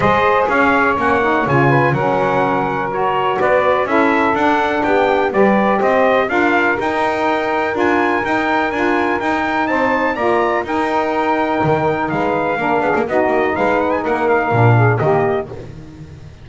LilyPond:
<<
  \new Staff \with { instrumentName = "trumpet" } { \time 4/4 \tempo 4 = 124 dis''4 f''4 fis''4 gis''4 | fis''2 cis''4 d''4 | e''4 fis''4 g''4 d''4 | dis''4 f''4 g''2 |
gis''4 g''4 gis''4 g''4 | a''4 ais''4 g''2~ | g''4 f''2 dis''4 | f''8 fis''16 gis''16 fis''8 f''4. dis''4 | }
  \new Staff \with { instrumentName = "saxophone" } { \time 4/4 c''4 cis''2~ cis''8 b'8 | ais'2. b'4 | a'2 g'4 b'4 | c''4 ais'2.~ |
ais'1 | c''4 d''4 ais'2~ | ais'4 b'4 ais'8 gis'8 fis'4 | b'4 ais'4. gis'8 g'4 | }
  \new Staff \with { instrumentName = "saxophone" } { \time 4/4 gis'2 cis'8 dis'8 f'4 | cis'2 fis'2 | e'4 d'2 g'4~ | g'4 f'4 dis'2 |
f'4 dis'4 f'4 dis'4~ | dis'4 f'4 dis'2~ | dis'2 d'4 dis'4~ | dis'2 d'4 ais4 | }
  \new Staff \with { instrumentName = "double bass" } { \time 4/4 gis4 cis'4 ais4 cis4 | fis2. b4 | cis'4 d'4 b4 g4 | c'4 d'4 dis'2 |
d'4 dis'4 d'4 dis'4 | c'4 ais4 dis'2 | dis4 gis4 ais8 b16 ais16 b8 ais8 | gis4 ais4 ais,4 dis4 | }
>>